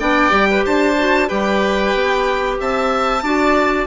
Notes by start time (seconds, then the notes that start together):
0.00 B3 D4 D5 G5
0.30 G3 G4
0.51 B4
0.65 D4 C5 A5
0.98 F#4
1.28 G3 G4 B4 G5
1.94 B3
2.60 C4 E5 A5
3.22 D4 F#4 D5